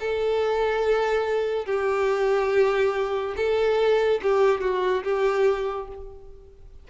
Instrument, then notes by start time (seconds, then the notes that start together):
violin
0.00 A4
1.66 G4
3.36 A4
4.22 G4
4.61 F#4
5.03 G4